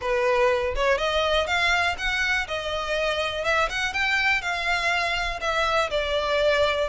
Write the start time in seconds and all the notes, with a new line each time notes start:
0.01 B4
0.75 C#5
0.98 D#5
1.46 F5
1.98 F#5
2.47 D#5
3.44 E5
3.69 F#5
3.93 G5
4.41 F5
5.41 E5
5.90 D5